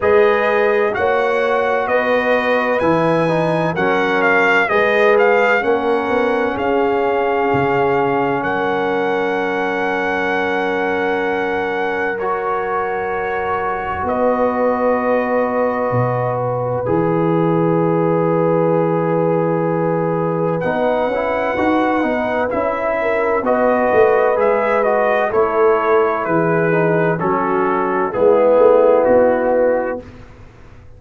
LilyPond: <<
  \new Staff \with { instrumentName = "trumpet" } { \time 4/4 \tempo 4 = 64 dis''4 fis''4 dis''4 gis''4 | fis''8 f''8 dis''8 f''8 fis''4 f''4~ | f''4 fis''2.~ | fis''4 cis''2 dis''4~ |
dis''4. e''2~ e''8~ | e''2 fis''2 | e''4 dis''4 e''8 dis''8 cis''4 | b'4 a'4 gis'4 fis'4 | }
  \new Staff \with { instrumentName = "horn" } { \time 4/4 b'4 cis''4 b'2 | ais'4 b'4 ais'4 gis'4~ | gis'4 ais'2.~ | ais'2. b'4~ |
b'1~ | b'1~ | b'8 ais'8 b'2 a'4 | gis'4 fis'4 e'2 | }
  \new Staff \with { instrumentName = "trombone" } { \time 4/4 gis'4 fis'2 e'8 dis'8 | cis'4 gis'4 cis'2~ | cis'1~ | cis'4 fis'2.~ |
fis'2 gis'2~ | gis'2 dis'8 e'8 fis'8 dis'8 | e'4 fis'4 gis'8 fis'8 e'4~ | e'8 dis'8 cis'4 b2 | }
  \new Staff \with { instrumentName = "tuba" } { \time 4/4 gis4 ais4 b4 e4 | fis4 gis4 ais8 b8 cis'4 | cis4 fis2.~ | fis2. b4~ |
b4 b,4 e2~ | e2 b8 cis'8 dis'8 b8 | cis'4 b8 a8 gis4 a4 | e4 fis4 gis8 a8 b4 | }
>>